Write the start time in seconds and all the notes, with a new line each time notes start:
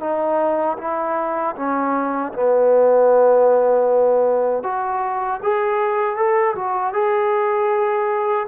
0.00 D#4
0.78 E4
1.56 C#4
2.33 B3
4.63 F#4
5.43 G#4
6.16 A4
6.55 F#4
6.93 G#4